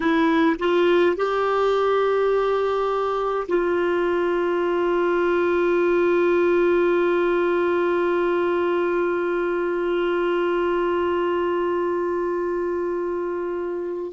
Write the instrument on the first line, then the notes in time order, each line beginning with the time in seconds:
clarinet
0.00 E4
0.59 F4
1.16 G4
3.48 F4